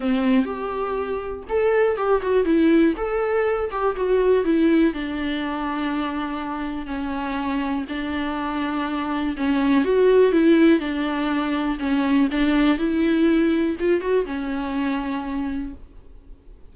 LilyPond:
\new Staff \with { instrumentName = "viola" } { \time 4/4 \tempo 4 = 122 c'4 g'2 a'4 | g'8 fis'8 e'4 a'4. g'8 | fis'4 e'4 d'2~ | d'2 cis'2 |
d'2. cis'4 | fis'4 e'4 d'2 | cis'4 d'4 e'2 | f'8 fis'8 cis'2. | }